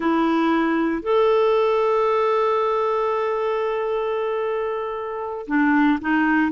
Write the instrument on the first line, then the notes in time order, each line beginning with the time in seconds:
clarinet
0.00 E4
1.02 A4
5.47 D4
6.01 D#4